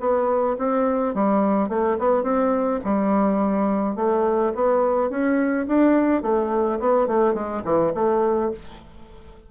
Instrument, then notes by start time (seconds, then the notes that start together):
bassoon
0.00 B3
0.58 C4
1.14 G3
1.69 A3
1.99 B3
2.23 C4
2.84 G3
3.96 A3
4.55 B3
5.10 C#4
5.68 D4
6.23 A3
6.80 B3
7.08 A3
7.34 G#3
7.64 E3
7.95 A3